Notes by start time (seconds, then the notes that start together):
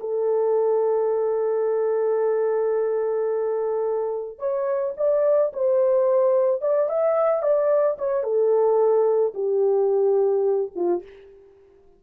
0.00 A4
4.39 C#5
4.97 D5
5.53 C5
6.62 D5
6.89 E5
7.42 D5
7.98 C#5
8.23 A4
9.34 G4
10.75 F4